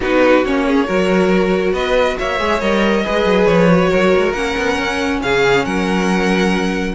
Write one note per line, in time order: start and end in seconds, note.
0.00 0.43 B3
0.00 0.44 D#4
0.00 0.65 F#4
0.00 0.45 B4
0.44 0.88 A#3
0.44 0.85 C#4
0.44 1.74 C#5
0.66 0.86 G#4
0.85 1.72 F#3
0.85 2.38 F#4
0.85 1.73 A#4
1.72 2.15 B3
1.72 2.16 B4
1.72 2.17 D#5
2.18 2.39 A#3
2.18 3.04 C#5
2.18 2.60 E5
2.39 2.61 G#3
2.39 2.60 G#4
2.60 3.04 G3
2.60 3.04 A#4
2.60 3.46 D#5
3.04 3.24 G#3
3.04 3.69 G#4
3.04 3.89 B4
3.24 3.46 F#3
3.46 3.90 F3
3.46 4.32 C#5
3.70 4.35 F#4
3.89 4.15 F#3
3.89 5.20 A#4
4.16 4.33 G#3
4.32 4.55 A#3
4.32 6.95 C#4
4.32 5.19 F#5
4.56 4.78 B3
4.78 5.21 C#4
5.22 5.65 C#3
5.22 5.65 G#4
5.22 5.64 F5
5.64 6.95 F#3
5.64 6.95 A#4
5.64 6.95 F#5